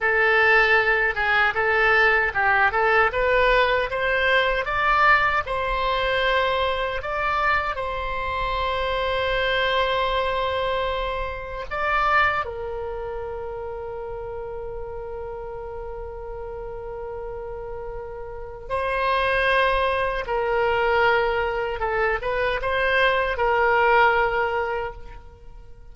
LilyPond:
\new Staff \with { instrumentName = "oboe" } { \time 4/4 \tempo 4 = 77 a'4. gis'8 a'4 g'8 a'8 | b'4 c''4 d''4 c''4~ | c''4 d''4 c''2~ | c''2. d''4 |
ais'1~ | ais'1 | c''2 ais'2 | a'8 b'8 c''4 ais'2 | }